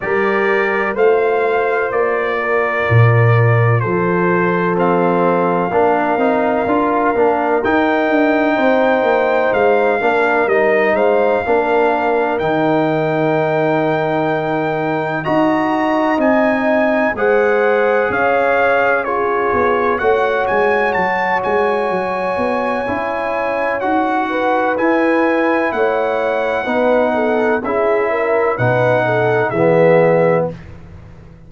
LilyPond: <<
  \new Staff \with { instrumentName = "trumpet" } { \time 4/4 \tempo 4 = 63 d''4 f''4 d''2 | c''4 f''2. | g''2 f''4 dis''8 f''8~ | f''4 g''2. |
ais''4 gis''4 fis''4 f''4 | cis''4 fis''8 gis''8 a''8 gis''4.~ | gis''4 fis''4 gis''4 fis''4~ | fis''4 e''4 fis''4 e''4 | }
  \new Staff \with { instrumentName = "horn" } { \time 4/4 ais'4 c''4. ais'4. | a'2 ais'2~ | ais'4 c''4. ais'4 c''8 | ais'1 |
dis''2 c''4 cis''4 | gis'4 cis''2.~ | cis''4. b'4. cis''4 | b'8 a'8 gis'8 ais'8 b'8 a'8 gis'4 | }
  \new Staff \with { instrumentName = "trombone" } { \time 4/4 g'4 f'2.~ | f'4 c'4 d'8 dis'8 f'8 d'8 | dis'2~ dis'8 d'8 dis'4 | d'4 dis'2. |
fis'4 dis'4 gis'2 | f'4 fis'2. | e'4 fis'4 e'2 | dis'4 e'4 dis'4 b4 | }
  \new Staff \with { instrumentName = "tuba" } { \time 4/4 g4 a4 ais4 ais,4 | f2 ais8 c'8 d'8 ais8 | dis'8 d'8 c'8 ais8 gis8 ais8 g8 gis8 | ais4 dis2. |
dis'4 c'4 gis4 cis'4~ | cis'8 b8 a8 gis8 fis8 gis8 fis8 b8 | cis'4 dis'4 e'4 a4 | b4 cis'4 b,4 e4 | }
>>